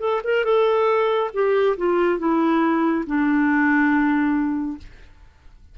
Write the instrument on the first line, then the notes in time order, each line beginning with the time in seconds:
clarinet
0.00 A4
0.25 A#4
0.45 A4
1.34 G4
1.78 F4
2.19 E4
3.07 D4